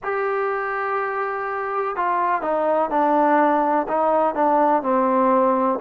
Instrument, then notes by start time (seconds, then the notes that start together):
trombone
0.03 G4
1.96 F4
2.41 D#4
2.90 D4
3.88 D#4
4.35 D4
4.82 C4